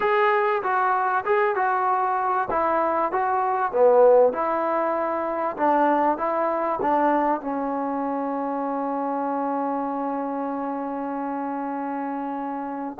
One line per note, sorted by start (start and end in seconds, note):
0.00 0.62 G#4
0.62 1.24 F#4
1.25 1.55 G#4
1.55 2.48 F#4
2.50 3.12 E4
3.12 3.71 F#4
3.71 4.32 B3
4.32 5.56 E4
5.56 6.17 D4
6.17 6.79 E4
6.81 7.40 D4
7.40 12.97 C#4